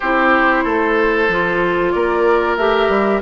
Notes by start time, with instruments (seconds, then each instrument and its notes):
0.00 bassoon C4, clarinet E4, oboe G4, flute C5
0.64 bassoon A3, oboe A4
1.28 bassoon F3, clarinet F4
1.91 bassoon A#3, oboe A#4, flute D5
2.56 bassoon A3, clarinet G4, flute E5
2.88 bassoon G3